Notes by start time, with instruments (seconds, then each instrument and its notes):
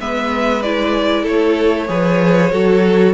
0.00 cello G#3, viola B3, violin B4 E5
0.62 viola E4, violin D5
1.22 cello A3, violin A4 C#5
1.87 cello F3, viola G#4, violin B4
2.52 cello F#3, viola F#4, violin A4